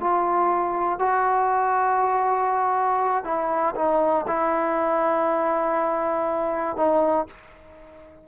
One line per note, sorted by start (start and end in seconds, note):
0.00 0.99 F4
0.99 3.24 F#4
3.24 3.75 E4
3.75 4.26 D#4
4.27 6.77 E4
6.77 7.27 D#4